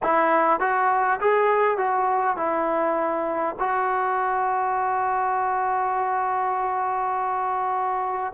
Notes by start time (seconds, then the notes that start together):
0.02 E4
0.60 F#4
1.20 G#4
1.77 F#4
2.36 E4
3.59 F#4